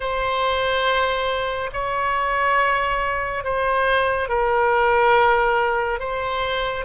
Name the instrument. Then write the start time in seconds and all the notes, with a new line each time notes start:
oboe
0.00 C5
1.73 C#5
3.44 C5
4.28 A#4
5.99 C5